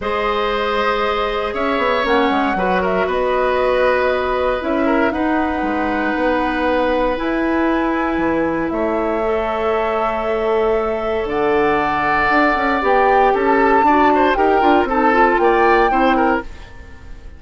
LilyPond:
<<
  \new Staff \with { instrumentName = "flute" } { \time 4/4 \tempo 4 = 117 dis''2. e''4 | fis''4. e''8 dis''2~ | dis''4 e''4 fis''2~ | fis''2 gis''2~ |
gis''4 e''2.~ | e''2 fis''2~ | fis''4 g''4 a''2 | g''4 a''4 g''2 | }
  \new Staff \with { instrumentName = "oboe" } { \time 4/4 c''2. cis''4~ | cis''4 b'8 ais'8 b'2~ | b'4. ais'8 b'2~ | b'1~ |
b'4 cis''2.~ | cis''2 d''2~ | d''2 a'4 d''8 c''8 | ais'4 a'4 d''4 c''8 ais'8 | }
  \new Staff \with { instrumentName = "clarinet" } { \time 4/4 gis'1 | cis'4 fis'2.~ | fis'4 e'4 dis'2~ | dis'2 e'2~ |
e'2 a'2~ | a'1~ | a'4 g'2 fis'4 | g'8 f'8 dis'8 f'4. e'4 | }
  \new Staff \with { instrumentName = "bassoon" } { \time 4/4 gis2. cis'8 b8 | ais8 gis8 fis4 b2~ | b4 cis'4 dis'4 gis4 | b2 e'2 |
e4 a2.~ | a2 d2 | d'8 cis'8 b4 cis'4 d'4 | dis'8 d'8 c'4 ais4 c'4 | }
>>